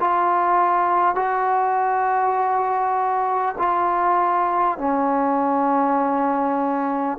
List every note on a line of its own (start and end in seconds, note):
0.00 1.15 F4
1.15 3.55 F#4
3.58 4.78 F4
4.78 7.18 C#4